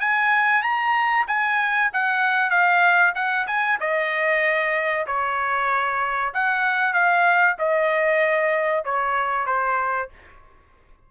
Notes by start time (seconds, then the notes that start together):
0.00 G#5
0.62 A#5
1.27 G#5
1.93 F#5
2.50 F5
3.15 F#5
3.47 G#5
3.80 D#5
5.07 C#5
6.34 F#5
6.93 F5
7.58 D#5
8.84 C#5
9.46 C5